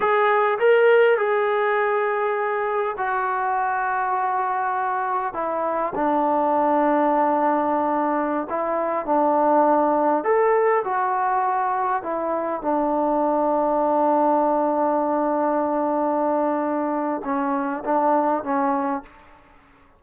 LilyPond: \new Staff \with { instrumentName = "trombone" } { \time 4/4 \tempo 4 = 101 gis'4 ais'4 gis'2~ | gis'4 fis'2.~ | fis'4 e'4 d'2~ | d'2~ d'16 e'4 d'8.~ |
d'4~ d'16 a'4 fis'4.~ fis'16~ | fis'16 e'4 d'2~ d'8.~ | d'1~ | d'4 cis'4 d'4 cis'4 | }